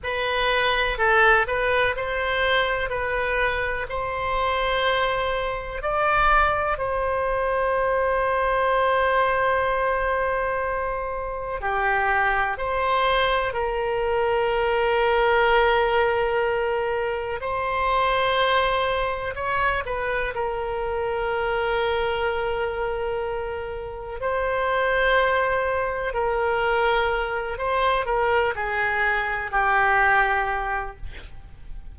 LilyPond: \new Staff \with { instrumentName = "oboe" } { \time 4/4 \tempo 4 = 62 b'4 a'8 b'8 c''4 b'4 | c''2 d''4 c''4~ | c''1 | g'4 c''4 ais'2~ |
ais'2 c''2 | cis''8 b'8 ais'2.~ | ais'4 c''2 ais'4~ | ais'8 c''8 ais'8 gis'4 g'4. | }